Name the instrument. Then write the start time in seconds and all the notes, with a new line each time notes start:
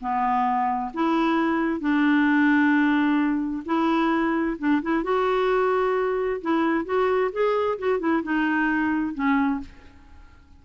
clarinet
0.00 B3
0.94 E4
1.80 D4
3.65 E4
4.58 D4
4.82 E4
5.03 F#4
6.41 E4
6.85 F#4
7.32 G#4
7.79 F#4
7.99 E4
8.23 D#4
9.14 C#4